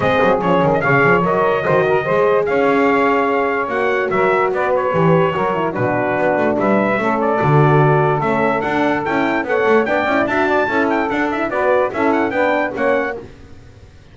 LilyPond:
<<
  \new Staff \with { instrumentName = "trumpet" } { \time 4/4 \tempo 4 = 146 dis''4 cis''8. dis''16 f''4 dis''4~ | dis''2 f''2~ | f''4 fis''4 e''4 d''8 cis''8~ | cis''2 b'2 |
e''4. d''2~ d''8 | e''4 fis''4 g''4 fis''4 | g''4 a''4. g''8 fis''8 e''8 | d''4 e''8 fis''8 g''4 fis''4 | }
  \new Staff \with { instrumentName = "saxophone" } { \time 4/4 gis'2 cis''2 | c''8 ais'8 c''4 cis''2~ | cis''2 ais'4 b'4~ | b'4 ais'4 fis'2 |
b'4 a'2.~ | a'2. cis''4 | d''4 e''8 d''8 a'2 | b'4 a'4 b'4 cis''4 | }
  \new Staff \with { instrumentName = "horn" } { \time 4/4 c'4 cis'4 gis'4 ais'4 | fis'4 gis'2.~ | gis'4 fis'2. | g'4 fis'8 e'8 d'2~ |
d'4 cis'4 fis'2 | cis'4 d'4 e'4 a'4 | d'8 e'8 fis'4 e'4 d'8 e'8 | fis'4 e'4 d'4 cis'4 | }
  \new Staff \with { instrumentName = "double bass" } { \time 4/4 gis8 fis8 f8 dis8 cis8 f8 fis4 | dis4 gis4 cis'2~ | cis'4 ais4 fis4 b4 | e4 fis4 b,4 b8 a8 |
g4 a4 d2 | a4 d'4 cis'4 b8 a8 | b8 cis'8 d'4 cis'4 d'4 | b4 cis'4 b4 ais4 | }
>>